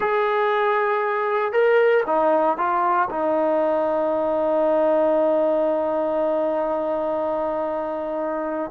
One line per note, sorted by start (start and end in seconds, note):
0.00 1.52 G#4
1.52 2.03 A#4
2.06 2.57 D#4
2.57 3.08 F4
3.10 8.71 D#4